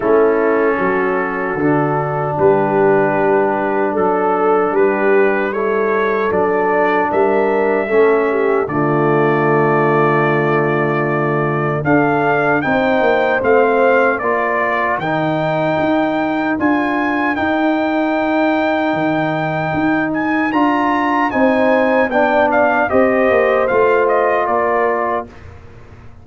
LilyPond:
<<
  \new Staff \with { instrumentName = "trumpet" } { \time 4/4 \tempo 4 = 76 a'2. b'4~ | b'4 a'4 b'4 cis''4 | d''4 e''2 d''4~ | d''2. f''4 |
g''4 f''4 d''4 g''4~ | g''4 gis''4 g''2~ | g''4. gis''8 ais''4 gis''4 | g''8 f''8 dis''4 f''8 dis''8 d''4 | }
  \new Staff \with { instrumentName = "horn" } { \time 4/4 e'4 fis'2 g'4~ | g'4 a'4 g'4 a'4~ | a'4 ais'4 a'8 g'8 f'4~ | f'2. a'4 |
c''2 ais'2~ | ais'1~ | ais'2. c''4 | d''4 c''2 ais'4 | }
  \new Staff \with { instrumentName = "trombone" } { \time 4/4 cis'2 d'2~ | d'2. e'4 | d'2 cis'4 a4~ | a2. d'4 |
dis'4 c'4 f'4 dis'4~ | dis'4 f'4 dis'2~ | dis'2 f'4 dis'4 | d'4 g'4 f'2 | }
  \new Staff \with { instrumentName = "tuba" } { \time 4/4 a4 fis4 d4 g4~ | g4 fis4 g2 | fis4 g4 a4 d4~ | d2. d'4 |
c'8 ais8 a4 ais4 dis4 | dis'4 d'4 dis'2 | dis4 dis'4 d'4 c'4 | b4 c'8 ais8 a4 ais4 | }
>>